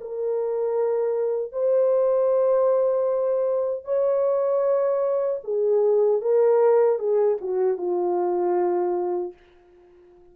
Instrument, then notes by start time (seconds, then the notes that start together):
horn
0.00 A#4
1.52 C5
3.84 C#5
5.44 G#4
6.21 A#4
6.99 G#4
7.41 F#4
7.77 F4